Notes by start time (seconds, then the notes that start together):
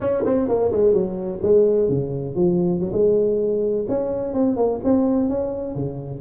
0.00 C#4
0.25 C4
0.48 A#3
0.72 G#3
0.93 F#3
1.42 G#3
1.88 C#3
2.35 F3
2.80 F#3
2.92 G#3
3.88 C#4
4.33 C4
4.56 A#3
4.83 C4
5.29 C#4
5.75 C#3